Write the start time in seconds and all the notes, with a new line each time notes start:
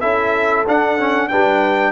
0.00 C#4 E4 A4 E5
0.67 D4 F#5
0.98 C#4
1.28 G3 D4 B4 G5